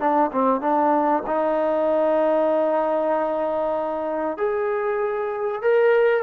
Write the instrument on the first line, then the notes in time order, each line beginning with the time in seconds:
trombone
0.00 D4
0.33 C4
0.61 D4
1.27 D#4
4.38 G#4
5.62 A#4